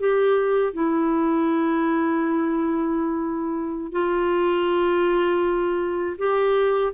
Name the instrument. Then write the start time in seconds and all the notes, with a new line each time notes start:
clarinet
0.00 G4
0.74 E4
3.92 F4
6.18 G4